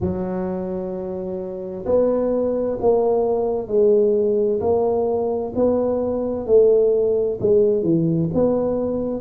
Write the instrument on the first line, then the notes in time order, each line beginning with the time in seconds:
tuba
0.00 F#3
1.85 B3
2.80 A#3
3.67 G#3
4.60 A#3
5.55 B3
6.46 A3
7.40 G#3
7.83 E3
8.34 B3